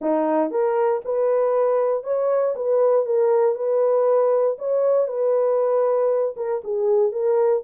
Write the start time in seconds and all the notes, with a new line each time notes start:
0.01 D#4
0.50 A#4
1.04 B4
2.03 C#5
2.55 B4
3.05 A#4
3.55 B4
4.58 C#5
5.07 B4
6.36 A#4
6.64 G#4
7.12 A#4